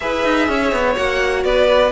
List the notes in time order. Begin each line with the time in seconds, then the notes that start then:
0.00 E4 G#4 B4 E5
0.24 D#4
0.48 C#4 C#5
0.72 B3
0.96 A#3 F#4 F#5
1.44 B3 B4 D5